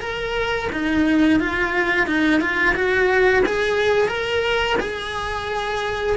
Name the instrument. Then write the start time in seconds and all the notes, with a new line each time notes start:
cello
0.00 A#4
0.72 D#4
1.39 F4
2.06 D#4
2.40 F4
2.75 F#4
3.46 G#4
4.08 A#4
4.79 G#4